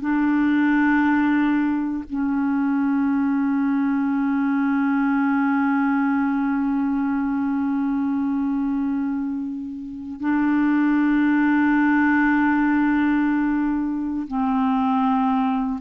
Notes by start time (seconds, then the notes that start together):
0.00 D4
2.09 C#4
10.20 D4
14.27 C4